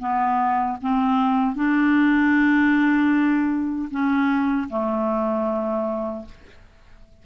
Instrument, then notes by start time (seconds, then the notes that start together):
clarinet
0.00 B3
0.82 C4
1.56 D4
3.91 C#4
4.70 A3